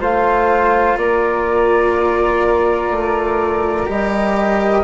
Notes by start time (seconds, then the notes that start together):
0.00 A3 F4 C5 F5
0.97 A#3 A#4 D5
2.90 A3
3.86 G3 G4 D#5